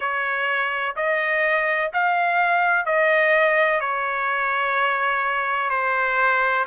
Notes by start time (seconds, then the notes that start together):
0.00 C#5
0.95 D#5
1.93 F5
2.85 D#5
3.80 C#5
5.69 C5